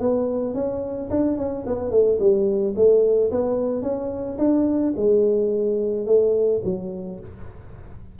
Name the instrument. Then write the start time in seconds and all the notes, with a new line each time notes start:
tuba
0.00 B3
0.55 C#4
1.11 D4
1.38 C#4
1.66 B3
1.91 A3
2.20 G3
2.76 A3
3.32 B3
3.83 C#4
4.39 D4
4.97 G#3
6.07 A3
6.65 F#3